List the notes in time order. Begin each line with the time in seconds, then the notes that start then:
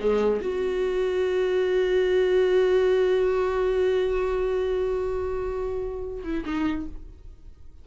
0.00 G#3
0.41 F#4
6.23 E4
6.45 D#4